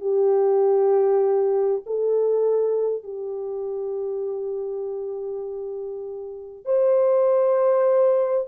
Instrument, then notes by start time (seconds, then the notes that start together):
horn
0.00 G4
1.86 A4
3.02 G4
6.65 C5